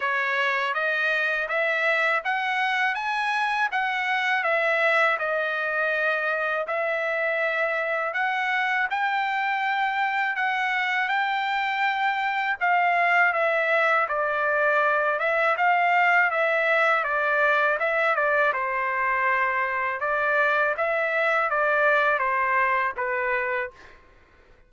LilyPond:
\new Staff \with { instrumentName = "trumpet" } { \time 4/4 \tempo 4 = 81 cis''4 dis''4 e''4 fis''4 | gis''4 fis''4 e''4 dis''4~ | dis''4 e''2 fis''4 | g''2 fis''4 g''4~ |
g''4 f''4 e''4 d''4~ | d''8 e''8 f''4 e''4 d''4 | e''8 d''8 c''2 d''4 | e''4 d''4 c''4 b'4 | }